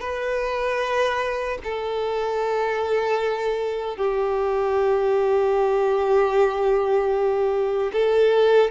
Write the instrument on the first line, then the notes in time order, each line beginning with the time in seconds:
violin
0.00 B4
1.64 A4
3.97 G4
7.92 A4